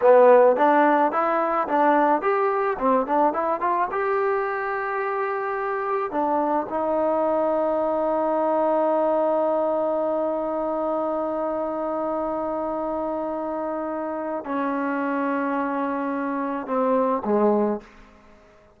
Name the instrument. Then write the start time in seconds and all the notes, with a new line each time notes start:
trombone
0.01 B3
0.56 D4
1.11 E4
1.68 D4
2.21 G4
2.78 C4
3.06 D4
3.33 E4
3.60 F4
3.91 G4
6.11 D4
6.69 D#4
14.44 C#4
16.66 C4
17.24 G#3